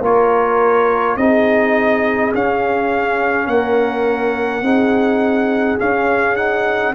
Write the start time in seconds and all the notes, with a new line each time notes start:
0.00 A#3 F4 A#4 C#5
1.16 C4 D#4 G#4 D#5
2.34 C#4 F5
3.46 A#3 A#4 F#5
4.61 C4 D#4 G#4
5.78 C#4 F5
6.36 D#4 F#5